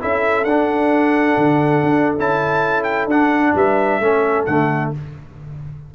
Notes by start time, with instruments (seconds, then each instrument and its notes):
0.00 tuba C#4, trombone E4, horn A4, trumpet E5
0.44 tuba D4, trombone D4, trumpet F#5
1.37 tuba D3
1.83 tuba D4
2.18 tuba C#4, trombone E4, trumpet A5
2.83 trumpet G5
3.06 tuba D4, trombone D4, trumpet F#5
3.54 tuba G3, horn B4, trumpet E5
3.99 tuba A3, trombone C#4, horn A4
4.45 tuba D3, trombone A3, trumpet F#5